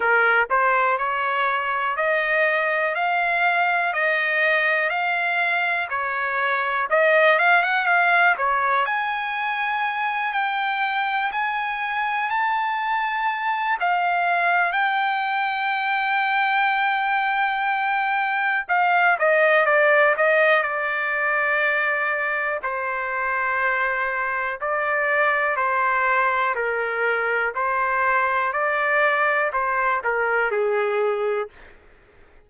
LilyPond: \new Staff \with { instrumentName = "trumpet" } { \time 4/4 \tempo 4 = 61 ais'8 c''8 cis''4 dis''4 f''4 | dis''4 f''4 cis''4 dis''8 f''16 fis''16 | f''8 cis''8 gis''4. g''4 gis''8~ | gis''8 a''4. f''4 g''4~ |
g''2. f''8 dis''8 | d''8 dis''8 d''2 c''4~ | c''4 d''4 c''4 ais'4 | c''4 d''4 c''8 ais'8 gis'4 | }